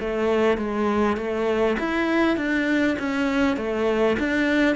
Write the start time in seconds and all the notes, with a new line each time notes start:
0.00 A3
0.58 G#3
1.17 A3
1.79 E4
2.37 D4
2.98 C#4
3.57 A3
4.19 D4